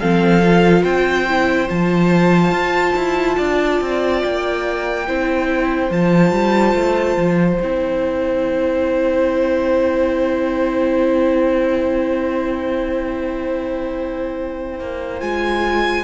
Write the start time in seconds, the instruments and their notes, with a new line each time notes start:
0.00 cello F3, viola C4, violin A4 F5
0.42 viola F4
0.83 cello C4, violin C5 G5
1.29 viola E4
1.68 cello F3, viola F4, violin A5
2.52 cello F4
2.96 cello E4
3.37 cello D4, violin D5
3.81 cello C4
4.23 cello A#3, violin G5
5.08 cello C4, viola E4, violin C5
5.91 cello F3, viola F4, violin A5
6.32 cello G3
6.75 cello A3
7.17 cello F3
7.61 cello C4, viola E4, violin G5
14.80 cello A#3
15.20 cello G#3, viola F4, violin G#5